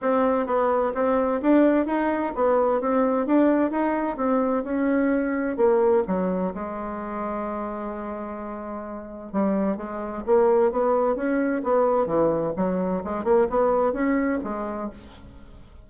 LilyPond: \new Staff \with { instrumentName = "bassoon" } { \time 4/4 \tempo 4 = 129 c'4 b4 c'4 d'4 | dis'4 b4 c'4 d'4 | dis'4 c'4 cis'2 | ais4 fis4 gis2~ |
gis1 | g4 gis4 ais4 b4 | cis'4 b4 e4 fis4 | gis8 ais8 b4 cis'4 gis4 | }